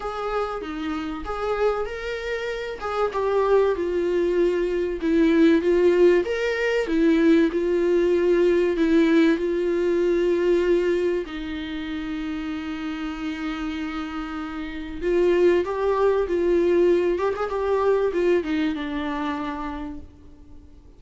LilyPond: \new Staff \with { instrumentName = "viola" } { \time 4/4 \tempo 4 = 96 gis'4 dis'4 gis'4 ais'4~ | ais'8 gis'8 g'4 f'2 | e'4 f'4 ais'4 e'4 | f'2 e'4 f'4~ |
f'2 dis'2~ | dis'1 | f'4 g'4 f'4. g'16 gis'16 | g'4 f'8 dis'8 d'2 | }